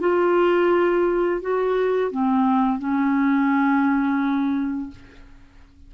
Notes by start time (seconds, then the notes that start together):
0.00 F4
1.41 F#4
2.11 C4
2.79 C#4